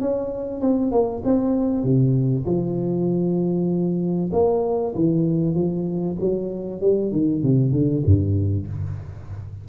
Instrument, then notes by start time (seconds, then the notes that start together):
tuba
0.00 C#4
0.61 C4
0.92 A#3
1.25 C4
1.84 C3
2.46 F3
4.32 A#3
4.95 E3
5.55 F3
6.20 F#3
6.81 G3
7.12 D#3
7.43 C3
7.72 D3
8.06 G2